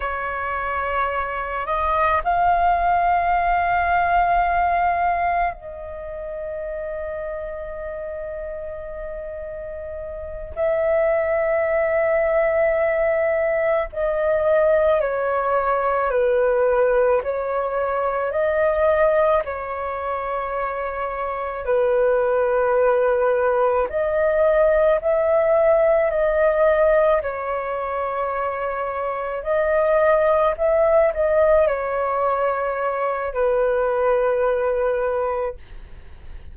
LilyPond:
\new Staff \with { instrumentName = "flute" } { \time 4/4 \tempo 4 = 54 cis''4. dis''8 f''2~ | f''4 dis''2.~ | dis''4. e''2~ e''8~ | e''8 dis''4 cis''4 b'4 cis''8~ |
cis''8 dis''4 cis''2 b'8~ | b'4. dis''4 e''4 dis''8~ | dis''8 cis''2 dis''4 e''8 | dis''8 cis''4. b'2 | }